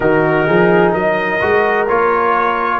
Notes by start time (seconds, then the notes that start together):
0.00 D#3 D#4 F#4 A#4
0.46 F3 G#4
0.91 F#3 A#4 D#5
1.40 G#3 F#4
1.88 A#3 F4 C#5